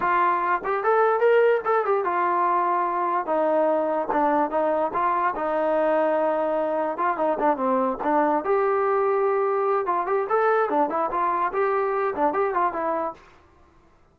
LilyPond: \new Staff \with { instrumentName = "trombone" } { \time 4/4 \tempo 4 = 146 f'4. g'8 a'4 ais'4 | a'8 g'8 f'2. | dis'2 d'4 dis'4 | f'4 dis'2.~ |
dis'4 f'8 dis'8 d'8 c'4 d'8~ | d'8 g'2.~ g'8 | f'8 g'8 a'4 d'8 e'8 f'4 | g'4. d'8 g'8 f'8 e'4 | }